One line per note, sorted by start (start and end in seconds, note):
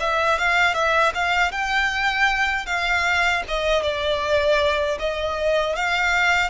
0.00 0.38 E5
0.38 0.74 F5
0.74 1.12 E5
1.14 1.51 F5
1.51 2.66 G5
2.66 3.43 F5
3.48 3.83 D#5
3.83 4.98 D5
4.99 5.76 D#5
5.76 6.50 F5